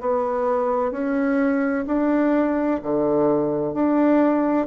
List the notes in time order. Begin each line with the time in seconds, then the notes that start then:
0.00 B3
0.91 C#4
1.87 D4
2.83 D3
3.74 D4